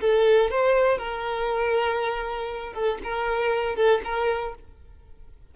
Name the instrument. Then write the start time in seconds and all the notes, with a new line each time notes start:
violin
0.00 A4
0.50 C5
0.98 A#4
2.73 A4
3.03 A#4
3.75 A4
4.04 A#4